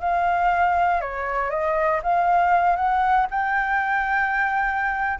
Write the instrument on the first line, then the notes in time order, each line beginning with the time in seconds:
flute
0.00 F5
1.01 C#5
1.50 D#5
2.03 F5
2.76 F#5
3.30 G5